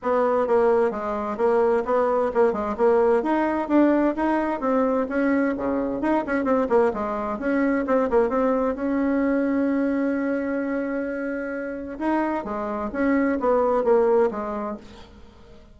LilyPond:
\new Staff \with { instrumentName = "bassoon" } { \time 4/4 \tempo 4 = 130 b4 ais4 gis4 ais4 | b4 ais8 gis8 ais4 dis'4 | d'4 dis'4 c'4 cis'4 | cis4 dis'8 cis'8 c'8 ais8 gis4 |
cis'4 c'8 ais8 c'4 cis'4~ | cis'1~ | cis'2 dis'4 gis4 | cis'4 b4 ais4 gis4 | }